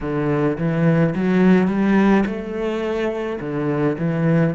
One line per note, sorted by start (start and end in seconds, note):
0.01 0.57 D3
0.58 1.14 E3
1.15 1.67 F#3
1.67 2.24 G3
2.26 3.39 A3
3.40 3.97 D3
3.98 4.54 E3